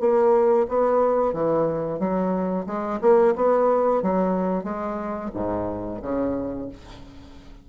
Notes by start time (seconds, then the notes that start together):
0.00 A#3
0.69 B3
1.33 E3
1.99 F#3
2.66 G#3
3.01 A#3
3.36 B3
4.03 F#3
4.64 G#3
5.34 G#2
6.02 C#3